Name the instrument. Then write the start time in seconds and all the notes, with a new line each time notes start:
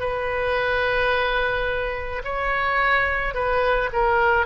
oboe
0.00 B4
2.24 C#5
3.34 B4
3.93 A#4